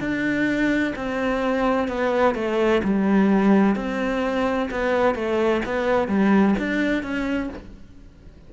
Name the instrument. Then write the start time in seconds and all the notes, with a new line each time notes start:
cello
0.00 D4
0.95 C4
1.88 B3
2.35 A3
2.83 G3
3.75 C4
4.71 B3
5.15 A3
5.65 B3
6.08 G3
6.59 D4
7.03 C#4